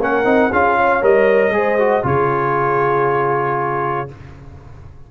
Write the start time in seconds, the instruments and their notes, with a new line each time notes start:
0.00 tuba A#3, trombone C#4, horn A#4, trumpet F#5
0.25 tuba C4, trombone D#4
0.51 tuba C#4, trombone F4, horn G#4, trumpet F5
0.78 horn C#5
1.02 tuba G3, trombone A#4, trumpet D#5
1.50 tuba G#3, trombone G#4, horn C5
1.79 trombone F#4
2.04 tuba C#3, trombone F4, horn G#4, trumpet C#5